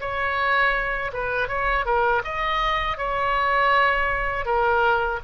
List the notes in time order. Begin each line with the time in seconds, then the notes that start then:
0.00 C#5
1.12 B4
1.48 C#5
1.85 A#4
2.24 D#5
2.97 C#5
4.45 A#4